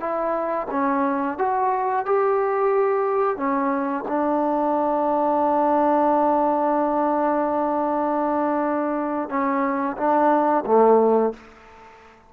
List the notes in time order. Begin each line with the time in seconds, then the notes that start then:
0.00 E4
0.71 C#4
1.38 F#4
2.06 G4
3.37 C#4
4.08 D4
9.29 C#4
9.97 D4
10.66 A3